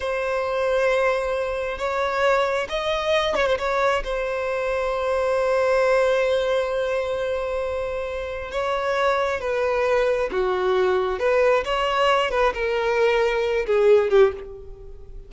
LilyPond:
\new Staff \with { instrumentName = "violin" } { \time 4/4 \tempo 4 = 134 c''1 | cis''2 dis''4. cis''16 c''16 | cis''4 c''2.~ | c''1~ |
c''2. cis''4~ | cis''4 b'2 fis'4~ | fis'4 b'4 cis''4. b'8 | ais'2~ ais'8 gis'4 g'8 | }